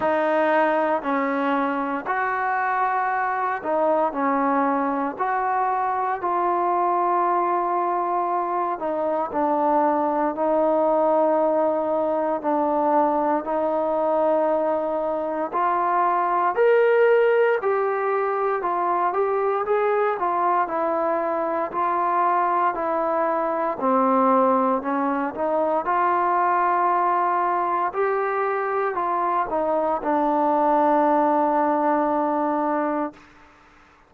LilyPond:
\new Staff \with { instrumentName = "trombone" } { \time 4/4 \tempo 4 = 58 dis'4 cis'4 fis'4. dis'8 | cis'4 fis'4 f'2~ | f'8 dis'8 d'4 dis'2 | d'4 dis'2 f'4 |
ais'4 g'4 f'8 g'8 gis'8 f'8 | e'4 f'4 e'4 c'4 | cis'8 dis'8 f'2 g'4 | f'8 dis'8 d'2. | }